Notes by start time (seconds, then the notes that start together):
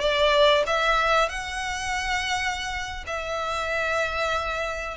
0.00 D5
0.67 E5
1.29 F#5
3.07 E5